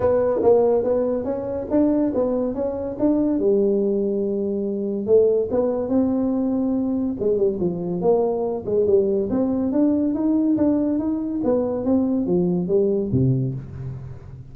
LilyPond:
\new Staff \with { instrumentName = "tuba" } { \time 4/4 \tempo 4 = 142 b4 ais4 b4 cis'4 | d'4 b4 cis'4 d'4 | g1 | a4 b4 c'2~ |
c'4 gis8 g8 f4 ais4~ | ais8 gis8 g4 c'4 d'4 | dis'4 d'4 dis'4 b4 | c'4 f4 g4 c4 | }